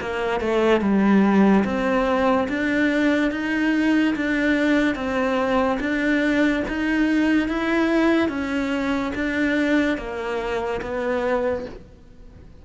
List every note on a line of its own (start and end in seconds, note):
0.00 0.40 A#3
0.40 0.80 A3
0.80 1.64 G3
1.64 2.47 C4
2.48 3.31 D4
3.31 4.14 D#4
4.16 4.95 D4
4.95 5.78 C4
5.80 6.63 D4
6.67 7.48 D#4
7.48 8.29 E4
8.29 9.12 C#4
9.14 9.97 D4
9.97 10.81 A#3
10.81 11.65 B3